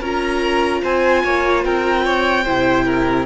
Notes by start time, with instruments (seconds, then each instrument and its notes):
0.00 cello C#4, viola F4, violin A#4 A#5
0.81 cello C4, violin C5 G#5
1.23 cello A#3, violin C#5
1.64 cello C4, violin A#4 G5
2.04 violin C#5
2.44 cello C3, viola E4, violin C5
2.85 violin A#4